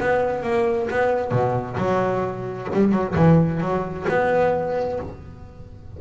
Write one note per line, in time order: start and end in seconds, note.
0.00 0.43 B3
0.43 0.88 A#3
0.90 1.31 B3
1.31 1.77 B2
1.77 2.68 F#3
2.73 2.92 G3
2.92 3.14 F#3
3.15 3.61 E3
3.61 4.06 F#3
4.08 4.99 B3